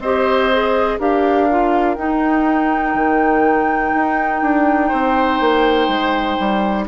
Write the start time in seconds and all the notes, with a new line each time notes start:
0.00 C4 G4 C5 D#5
0.53 G#4
0.99 D4 G4 A#4 F5
1.51 F4
1.95 D#4 G5
2.95 D#3
3.95 D#4
4.42 D4
4.89 C4 C5
5.41 A#3
5.89 G#3
6.40 G3